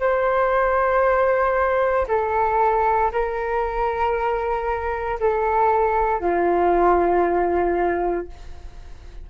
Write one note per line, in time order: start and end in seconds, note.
0.00 2.07 C5
2.08 3.11 A4
3.12 5.19 A#4
5.20 6.20 A4
6.20 8.27 F4